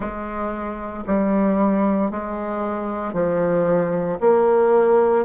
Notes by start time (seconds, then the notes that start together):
0.00 G#3
1.06 G3
2.11 G#3
3.13 F3
4.20 A#3